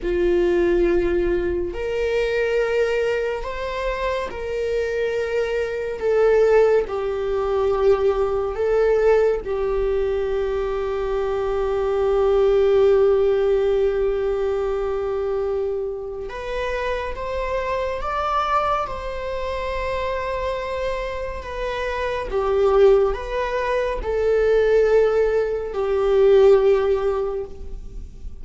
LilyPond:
\new Staff \with { instrumentName = "viola" } { \time 4/4 \tempo 4 = 70 f'2 ais'2 | c''4 ais'2 a'4 | g'2 a'4 g'4~ | g'1~ |
g'2. b'4 | c''4 d''4 c''2~ | c''4 b'4 g'4 b'4 | a'2 g'2 | }